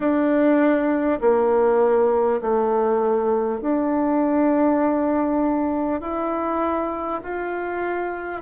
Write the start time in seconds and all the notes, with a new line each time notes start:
0.00 D4
1.21 A#3
2.41 A3
3.61 D4
6.01 E4
7.23 F4